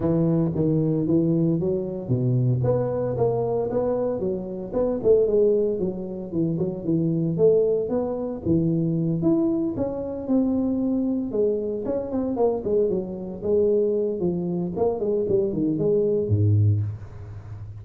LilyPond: \new Staff \with { instrumentName = "tuba" } { \time 4/4 \tempo 4 = 114 e4 dis4 e4 fis4 | b,4 b4 ais4 b4 | fis4 b8 a8 gis4 fis4 | e8 fis8 e4 a4 b4 |
e4. e'4 cis'4 c'8~ | c'4. gis4 cis'8 c'8 ais8 | gis8 fis4 gis4. f4 | ais8 gis8 g8 dis8 gis4 gis,4 | }